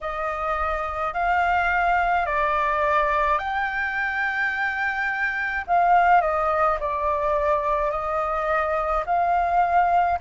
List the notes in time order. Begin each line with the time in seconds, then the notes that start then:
0.01 D#5
1.13 F5
2.26 D5
3.38 G5
5.67 F5
6.21 D#5
6.79 D5
7.90 D#5
9.06 F5